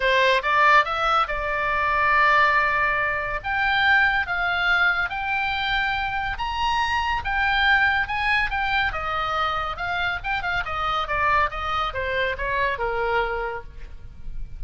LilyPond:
\new Staff \with { instrumentName = "oboe" } { \time 4/4 \tempo 4 = 141 c''4 d''4 e''4 d''4~ | d''1 | g''2 f''2 | g''2. ais''4~ |
ais''4 g''2 gis''4 | g''4 dis''2 f''4 | g''8 f''8 dis''4 d''4 dis''4 | c''4 cis''4 ais'2 | }